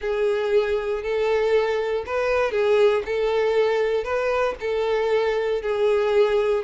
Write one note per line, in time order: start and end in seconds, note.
0.01 1.02 G#4
1.02 2.04 A4
2.05 2.51 B4
2.51 3.02 G#4
3.05 4.04 A4
4.04 4.55 B4
4.60 5.62 A4
5.62 6.64 G#4